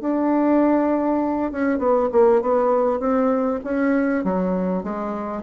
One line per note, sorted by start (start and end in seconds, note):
0.00 1.51 D4
1.51 1.78 C#4
1.78 2.08 B3
2.12 2.41 A#3
2.41 2.99 B3
2.99 3.60 C4
3.64 4.23 C#4
4.23 4.83 F#3
4.83 5.42 G#3